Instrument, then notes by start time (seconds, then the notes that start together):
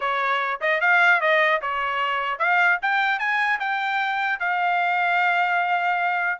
trumpet
0.00 C#5
0.61 D#5
0.80 F5
1.20 D#5
1.61 C#5
2.39 F5
2.81 G5
3.19 G#5
3.59 G5
4.39 F5